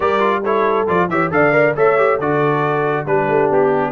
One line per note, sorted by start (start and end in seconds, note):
0.00 0.86 G3
0.00 0.19 G4
0.00 0.42 A#4
0.00 0.44 D5
0.19 0.41 F4
0.43 0.87 E4
0.43 1.09 A4
0.43 0.88 C#5
0.87 1.08 F3
0.87 1.09 F4
0.87 1.09 D5
1.08 1.30 E3
1.08 1.31 G4
1.08 1.33 C#5
1.08 1.31 E5
1.30 1.74 D3
1.30 1.52 A4
1.30 1.76 D5
1.30 1.76 F5
1.52 1.74 A#4
1.75 2.19 A3
1.75 1.97 A4
1.75 2.18 C#5
1.75 2.20 E5
1.97 2.19 G4
2.18 3.05 D3
2.18 3.06 F#4
2.18 3.05 A4
2.18 3.06 D5
3.05 3.27 G3
3.05 3.92 D4
3.05 3.92 G4
3.05 3.50 B4
3.28 3.49 A3
3.50 3.92 B3
3.50 3.92 G4